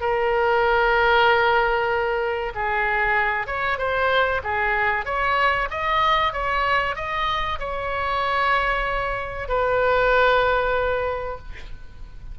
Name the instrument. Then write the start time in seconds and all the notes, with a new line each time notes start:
oboe
0.00 A#4
2.54 G#4
3.47 C#5
3.78 C5
4.44 G#4
5.05 C#5
5.70 D#5
6.32 C#5
6.95 D#5
7.59 C#5
9.48 B4